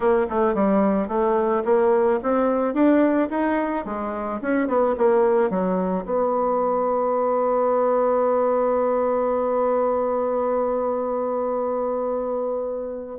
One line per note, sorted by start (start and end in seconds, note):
0.00 0.26 A#3
0.29 0.54 A3
0.54 1.08 G3
1.08 1.63 A3
1.65 2.20 A#3
2.22 2.73 C4
2.73 3.29 D4
3.30 3.85 D#4
3.85 4.40 G#3
4.41 4.67 C#4
4.67 4.95 B3
4.97 5.49 A#3
5.49 6.05 F#3
6.05 13.18 B3